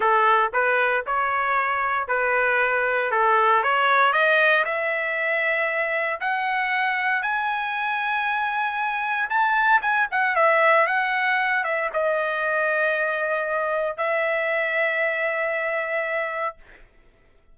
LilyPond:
\new Staff \with { instrumentName = "trumpet" } { \time 4/4 \tempo 4 = 116 a'4 b'4 cis''2 | b'2 a'4 cis''4 | dis''4 e''2. | fis''2 gis''2~ |
gis''2 a''4 gis''8 fis''8 | e''4 fis''4. e''8 dis''4~ | dis''2. e''4~ | e''1 | }